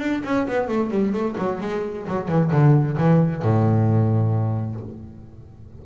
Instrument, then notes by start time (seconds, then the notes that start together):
double bass
0.00 D4
0.25 C#4
0.48 B3
0.69 A3
0.91 G3
1.13 A3
1.38 F#3
1.61 G#3
2.08 F#3
2.29 E3
2.52 D3
2.98 E3
3.43 A2